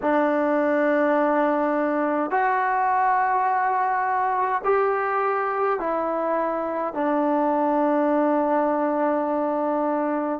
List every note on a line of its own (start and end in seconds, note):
0.02 2.30 D4
2.30 4.61 F#4
4.64 5.80 G4
5.80 6.94 E4
6.94 10.40 D4